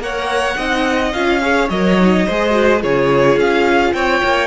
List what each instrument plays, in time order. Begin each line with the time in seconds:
0.00 cello A#3, viola A#4, violin C#5 F#5
0.57 cello C4, viola D#4, violin D#5
1.13 cello C#4, viola F4, violin F5
1.41 viola G#4, violin C#5
1.70 cello F#3, viola A#4, violin D#5
2.00 viola D#4
2.27 cello G#3, viola G#4, violin C5
2.51 viola F#4
2.80 cello C#3, viola F4, violin G#4 C#5
3.36 cello C#4, violin F5
3.93 cello C4, violin C#5 G5
4.23 cello A#3